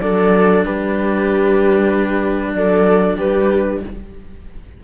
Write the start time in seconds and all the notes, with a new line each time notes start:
0.00 F#3 D4 A4 D5
0.64 G3 G4 B4
2.53 F#3 A4 D5
3.16 G3 G4 B4